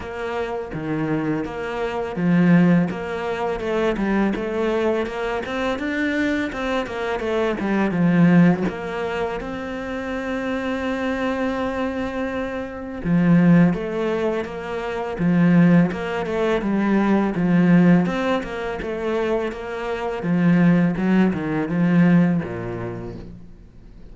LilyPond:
\new Staff \with { instrumentName = "cello" } { \time 4/4 \tempo 4 = 83 ais4 dis4 ais4 f4 | ais4 a8 g8 a4 ais8 c'8 | d'4 c'8 ais8 a8 g8 f4 | ais4 c'2.~ |
c'2 f4 a4 | ais4 f4 ais8 a8 g4 | f4 c'8 ais8 a4 ais4 | f4 fis8 dis8 f4 ais,4 | }